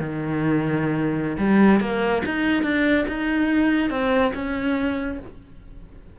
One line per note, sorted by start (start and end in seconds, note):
0.00 1.37 D#3
1.38 1.81 G3
1.81 2.23 A#3
2.25 2.63 D#4
2.63 3.05 D4
3.08 3.90 D#4
3.90 4.33 C4
4.35 5.19 C#4